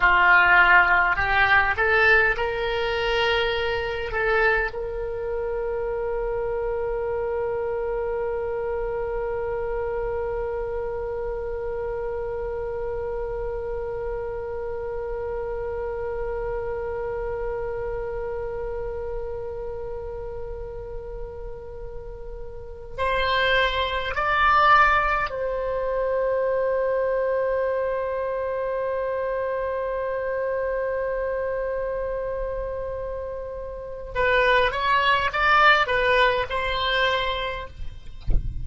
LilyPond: \new Staff \with { instrumentName = "oboe" } { \time 4/4 \tempo 4 = 51 f'4 g'8 a'8 ais'4. a'8 | ais'1~ | ais'1~ | ais'1~ |
ais'2.~ ais'8 c''8~ | c''8 d''4 c''2~ c''8~ | c''1~ | c''4 b'8 cis''8 d''8 b'8 c''4 | }